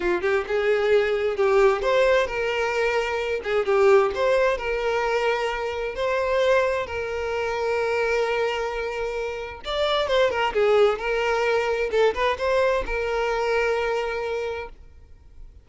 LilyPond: \new Staff \with { instrumentName = "violin" } { \time 4/4 \tempo 4 = 131 f'8 g'8 gis'2 g'4 | c''4 ais'2~ ais'8 gis'8 | g'4 c''4 ais'2~ | ais'4 c''2 ais'4~ |
ais'1~ | ais'4 d''4 c''8 ais'8 gis'4 | ais'2 a'8 b'8 c''4 | ais'1 | }